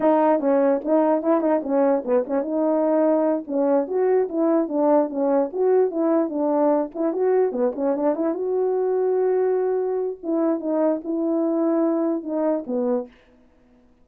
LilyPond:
\new Staff \with { instrumentName = "horn" } { \time 4/4 \tempo 4 = 147 dis'4 cis'4 dis'4 e'8 dis'8 | cis'4 b8 cis'8 dis'2~ | dis'8 cis'4 fis'4 e'4 d'8~ | d'8 cis'4 fis'4 e'4 d'8~ |
d'4 e'8 fis'4 b8 cis'8 d'8 | e'8 fis'2.~ fis'8~ | fis'4 e'4 dis'4 e'4~ | e'2 dis'4 b4 | }